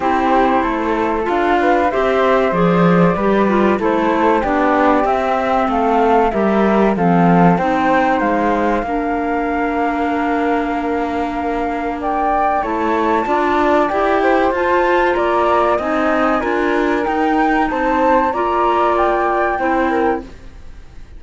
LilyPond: <<
  \new Staff \with { instrumentName = "flute" } { \time 4/4 \tempo 4 = 95 c''2 f''4 e''4 | d''2 c''4 d''4 | e''4 f''4 e''4 f''4 | g''4 f''2.~ |
f''2. g''4 | a''2 g''4 a''4 | ais''4 gis''2 g''4 | a''4 ais''4 g''2 | }
  \new Staff \with { instrumentName = "flute" } { \time 4/4 g'4 a'4. b'8 c''4~ | c''4 b'4 a'4 g'4~ | g'4 a'4 ais'4 a'4 | c''2 ais'2~ |
ais'2. d''4 | cis''4 d''4. c''4. | d''4 dis''4 ais'2 | c''4 d''2 c''8 ais'8 | }
  \new Staff \with { instrumentName = "clarinet" } { \time 4/4 e'2 f'4 g'4 | gis'4 g'8 f'8 e'4 d'4 | c'2 g'4 c'4 | dis'2 d'2~ |
d'1 | e'4 f'4 g'4 f'4~ | f'4 dis'4 f'4 dis'4~ | dis'4 f'2 e'4 | }
  \new Staff \with { instrumentName = "cello" } { \time 4/4 c'4 a4 d'4 c'4 | f4 g4 a4 b4 | c'4 a4 g4 f4 | c'4 gis4 ais2~ |
ais1 | a4 d'4 e'4 f'4 | ais4 c'4 d'4 dis'4 | c'4 ais2 c'4 | }
>>